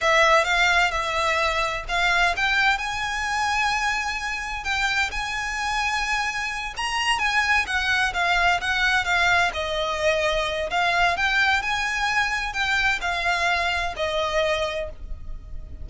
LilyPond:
\new Staff \with { instrumentName = "violin" } { \time 4/4 \tempo 4 = 129 e''4 f''4 e''2 | f''4 g''4 gis''2~ | gis''2 g''4 gis''4~ | gis''2~ gis''8 ais''4 gis''8~ |
gis''8 fis''4 f''4 fis''4 f''8~ | f''8 dis''2~ dis''8 f''4 | g''4 gis''2 g''4 | f''2 dis''2 | }